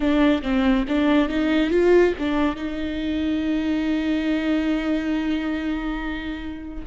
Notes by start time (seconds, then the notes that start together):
0.00 D4
0.42 C4
0.88 D4
1.28 D#4
1.70 F4
2.19 D4
2.55 D#4